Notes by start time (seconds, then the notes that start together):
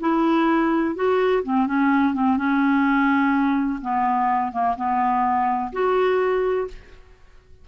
0.00 E4
0.95 F#4
1.43 C4
1.66 C#4
2.14 C4
2.37 C#4
3.81 B3
4.52 A#3
4.76 B3
5.73 F#4